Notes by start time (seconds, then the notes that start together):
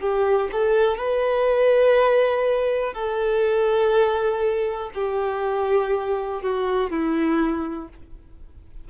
0.00 G4
0.52 A4
0.98 B4
2.94 A4
4.94 G4
6.42 F#4
6.90 E4